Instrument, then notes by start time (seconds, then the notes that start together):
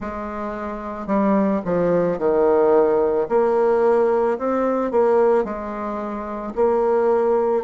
bassoon
0.00 G#3
1.06 G3
1.65 F3
2.18 D#3
3.28 A#3
4.38 C4
4.91 A#3
5.44 G#3
6.55 A#3